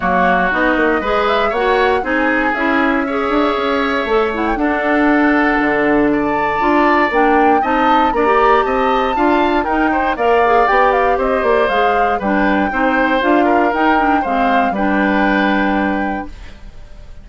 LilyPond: <<
  \new Staff \with { instrumentName = "flute" } { \time 4/4 \tempo 4 = 118 cis''4 dis''4. e''8 fis''4 | gis''4 e''2.~ | e''8 fis''16 g''16 fis''2. | a''2 g''4 a''4 |
ais''4 a''2 g''4 | f''4 g''8 f''8 dis''8 d''8 f''4 | g''2 f''4 g''4 | f''4 g''2. | }
  \new Staff \with { instrumentName = "oboe" } { \time 4/4 fis'2 b'4 cis''4 | gis'2 cis''2~ | cis''4 a'2. | d''2. dis''4 |
d''4 dis''4 f''4 ais'8 c''8 | d''2 c''2 | b'4 c''4. ais'4. | c''4 b'2. | }
  \new Staff \with { instrumentName = "clarinet" } { \time 4/4 ais4 dis'4 gis'4 fis'4 | dis'4 e'4 gis'2 | a'8 e'8 d'2.~ | d'4 f'4 d'4 dis'4 |
d'16 g'4.~ g'16 f'4 dis'4 | ais'8 gis'8 g'2 gis'4 | d'4 dis'4 f'4 dis'8 d'8 | c'4 d'2. | }
  \new Staff \with { instrumentName = "bassoon" } { \time 4/4 fis4 b8 ais8 gis4 ais4 | c'4 cis'4. d'8 cis'4 | a4 d'2 d4~ | d4 d'4 ais4 c'4 |
ais4 c'4 d'4 dis'4 | ais4 b4 c'8 ais8 gis4 | g4 c'4 d'4 dis'4 | gis4 g2. | }
>>